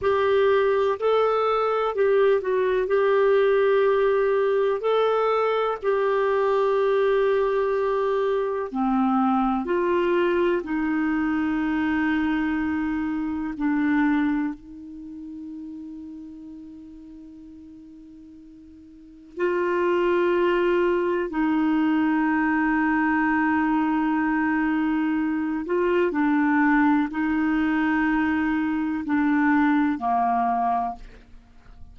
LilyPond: \new Staff \with { instrumentName = "clarinet" } { \time 4/4 \tempo 4 = 62 g'4 a'4 g'8 fis'8 g'4~ | g'4 a'4 g'2~ | g'4 c'4 f'4 dis'4~ | dis'2 d'4 dis'4~ |
dis'1 | f'2 dis'2~ | dis'2~ dis'8 f'8 d'4 | dis'2 d'4 ais4 | }